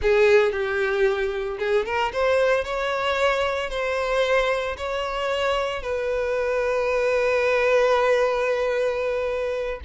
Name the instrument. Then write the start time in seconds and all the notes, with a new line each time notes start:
violin
0.02 G#4
0.52 G4
1.59 G#4
1.85 A#4
2.12 C5
2.64 C#5
3.70 C5
4.77 C#5
5.82 B4